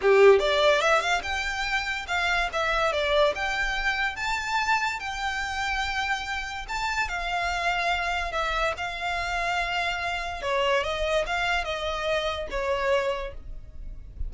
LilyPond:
\new Staff \with { instrumentName = "violin" } { \time 4/4 \tempo 4 = 144 g'4 d''4 e''8 f''8 g''4~ | g''4 f''4 e''4 d''4 | g''2 a''2 | g''1 |
a''4 f''2. | e''4 f''2.~ | f''4 cis''4 dis''4 f''4 | dis''2 cis''2 | }